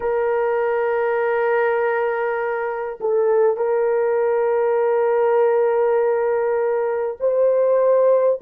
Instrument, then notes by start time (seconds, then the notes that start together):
horn
0.00 A#4
3.00 A4
3.57 A#4
7.20 C5